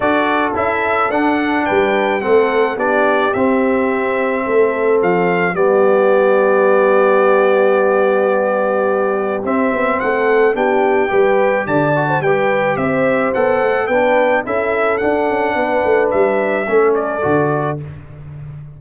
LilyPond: <<
  \new Staff \with { instrumentName = "trumpet" } { \time 4/4 \tempo 4 = 108 d''4 e''4 fis''4 g''4 | fis''4 d''4 e''2~ | e''4 f''4 d''2~ | d''1~ |
d''4 e''4 fis''4 g''4~ | g''4 a''4 g''4 e''4 | fis''4 g''4 e''4 fis''4~ | fis''4 e''4. d''4. | }
  \new Staff \with { instrumentName = "horn" } { \time 4/4 a'2. b'4 | a'4 g'2. | a'2 g'2~ | g'1~ |
g'2 a'4 g'4 | b'4 d''8. c''16 b'4 c''4~ | c''4 b'4 a'2 | b'2 a'2 | }
  \new Staff \with { instrumentName = "trombone" } { \time 4/4 fis'4 e'4 d'2 | c'4 d'4 c'2~ | c'2 b2~ | b1~ |
b4 c'2 d'4 | g'4. fis'8 g'2 | a'4 d'4 e'4 d'4~ | d'2 cis'4 fis'4 | }
  \new Staff \with { instrumentName = "tuba" } { \time 4/4 d'4 cis'4 d'4 g4 | a4 b4 c'2 | a4 f4 g2~ | g1~ |
g4 c'8 b8 a4 b4 | g4 d4 g4 c'4 | b8 a8 b4 cis'4 d'8 cis'8 | b8 a8 g4 a4 d4 | }
>>